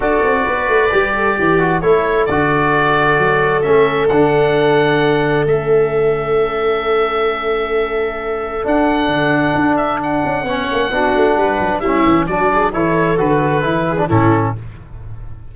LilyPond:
<<
  \new Staff \with { instrumentName = "oboe" } { \time 4/4 \tempo 4 = 132 d''1 | cis''4 d''2. | e''4 fis''2. | e''1~ |
e''2. fis''4~ | fis''4. e''8 fis''2~ | fis''2 e''4 d''4 | cis''4 b'2 a'4 | }
  \new Staff \with { instrumentName = "viola" } { \time 4/4 a'4 b'4. a'8 g'4 | a'1~ | a'1~ | a'1~ |
a'1~ | a'2. cis''4 | fis'4 b'4 e'4 fis'8 gis'8 | a'2~ a'8 gis'8 e'4 | }
  \new Staff \with { instrumentName = "trombone" } { \time 4/4 fis'2 g'4. fis'8 | e'4 fis'2. | cis'4 d'2. | cis'1~ |
cis'2. d'4~ | d'2. cis'4 | d'2 cis'4 d'4 | e'4 fis'4 e'8. d'16 cis'4 | }
  \new Staff \with { instrumentName = "tuba" } { \time 4/4 d'8 c'8 b8 a8 g4 e4 | a4 d2 fis4 | a4 d2. | a1~ |
a2. d'4 | d4 d'4. cis'8 b8 ais8 | b8 a8 g8 fis8 g8 e8 fis4 | e4 d4 e4 a,4 | }
>>